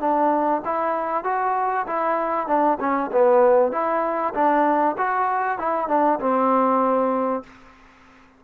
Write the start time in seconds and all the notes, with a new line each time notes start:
0.00 D4
0.66 E4
1.25 F#4
1.88 E4
2.48 D4
2.80 C#4
3.12 B3
3.72 E4
4.35 D4
4.98 F#4
5.59 E4
5.88 D4
6.20 C4